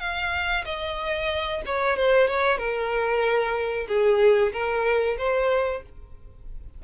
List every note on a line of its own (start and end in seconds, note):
0.00 0.65 F5
0.65 1.62 D#5
1.66 1.97 C#5
1.97 2.28 C5
2.28 2.58 C#5
2.58 3.87 A#4
3.88 4.52 G#4
4.53 5.17 A#4
5.18 5.83 C5